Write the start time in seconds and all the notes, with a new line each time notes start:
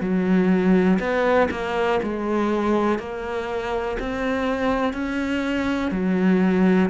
0.00 F#3
1.00 B3
1.51 A#3
2.03 G#3
2.99 A#3
4.00 C4
4.93 C#4
5.91 F#3